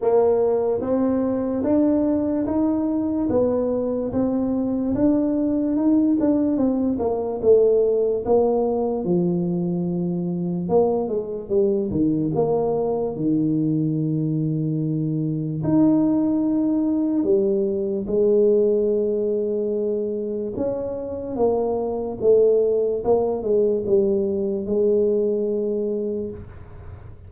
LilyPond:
\new Staff \with { instrumentName = "tuba" } { \time 4/4 \tempo 4 = 73 ais4 c'4 d'4 dis'4 | b4 c'4 d'4 dis'8 d'8 | c'8 ais8 a4 ais4 f4~ | f4 ais8 gis8 g8 dis8 ais4 |
dis2. dis'4~ | dis'4 g4 gis2~ | gis4 cis'4 ais4 a4 | ais8 gis8 g4 gis2 | }